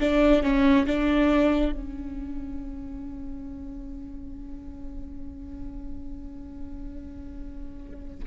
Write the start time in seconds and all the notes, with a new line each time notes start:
0.00 D4
0.43 C#4
0.87 D4
1.72 C#4